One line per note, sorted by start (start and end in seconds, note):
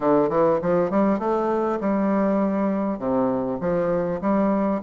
0.00 0.29 D3
0.29 0.59 E3
0.61 0.90 F3
0.90 1.19 G3
1.19 1.79 A3
1.80 2.98 G3
2.98 3.58 C3
3.60 4.20 F3
4.21 4.81 G3